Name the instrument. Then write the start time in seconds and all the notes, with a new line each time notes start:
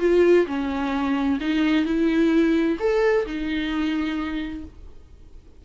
viola
0.00 F4
0.47 C#4
1.41 D#4
1.85 E4
2.80 A4
3.26 D#4